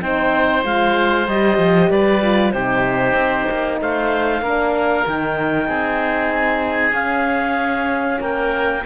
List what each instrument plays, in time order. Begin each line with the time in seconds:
0.00 cello C4, horn D#4, oboe C5, clarinet G5
0.63 cello G#3, horn F4, clarinet F5
1.27 cello G3, horn G4, clarinet D#5
1.57 cello F3
1.89 cello G3, oboe B4, clarinet D5
2.22 horn F4
2.51 cello C3, horn D#4, oboe G4, clarinet C5
3.13 cello C4
3.50 cello A#3
3.80 cello A3, oboe C5, clarinet F5
4.41 cello A#3, horn D4, oboe A#4
5.05 cello D#3, horn D#4, clarinet G5
5.67 cello C4, oboe G#4
6.33 clarinet G#5
6.92 cello C#4, horn C#4, clarinet F5
8.20 cello A#3, oboe A#4, clarinet G5